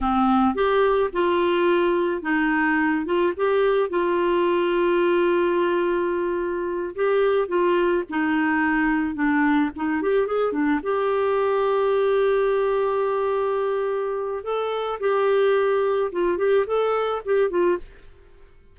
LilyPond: \new Staff \with { instrumentName = "clarinet" } { \time 4/4 \tempo 4 = 108 c'4 g'4 f'2 | dis'4. f'8 g'4 f'4~ | f'1~ | f'8 g'4 f'4 dis'4.~ |
dis'8 d'4 dis'8 g'8 gis'8 d'8 g'8~ | g'1~ | g'2 a'4 g'4~ | g'4 f'8 g'8 a'4 g'8 f'8 | }